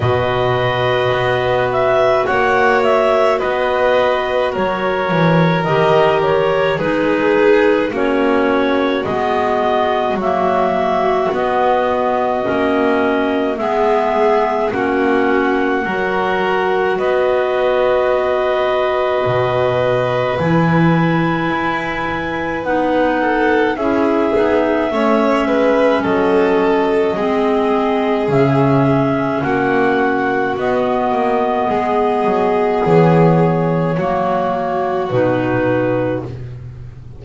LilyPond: <<
  \new Staff \with { instrumentName = "clarinet" } { \time 4/4 \tempo 4 = 53 dis''4. e''8 fis''8 e''8 dis''4 | cis''4 dis''8 cis''8 b'4 cis''4 | dis''4 e''4 dis''2 | e''4 fis''2 dis''4~ |
dis''2 gis''2 | fis''4 e''2 dis''4~ | dis''4 e''4 fis''4 dis''4~ | dis''4 cis''2 b'4 | }
  \new Staff \with { instrumentName = "violin" } { \time 4/4 b'2 cis''4 b'4 | ais'2 gis'4 fis'4~ | fis'1 | gis'4 fis'4 ais'4 b'4~ |
b'1~ | b'8 a'8 gis'4 cis''8 b'8 a'4 | gis'2 fis'2 | gis'2 fis'2 | }
  \new Staff \with { instrumentName = "clarinet" } { \time 4/4 fis'1~ | fis'4 g'4 dis'4 cis'4 | b4 ais4 b4 cis'4 | b4 cis'4 fis'2~ |
fis'2 e'2 | dis'4 e'8 dis'8 cis'2 | c'4 cis'2 b4~ | b2 ais4 dis'4 | }
  \new Staff \with { instrumentName = "double bass" } { \time 4/4 b,4 b4 ais4 b4 | fis8 e8 dis4 gis4 ais4 | gis4 fis4 b4 ais4 | gis4 ais4 fis4 b4~ |
b4 b,4 e4 e'4 | b4 cis'8 b8 a8 gis8 fis4 | gis4 cis4 ais4 b8 ais8 | gis8 fis8 e4 fis4 b,4 | }
>>